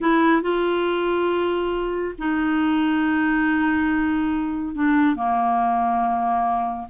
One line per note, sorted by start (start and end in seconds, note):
0.00 0.42 E4
0.42 2.14 F4
2.18 4.75 D#4
4.75 5.15 D4
5.15 6.88 A#3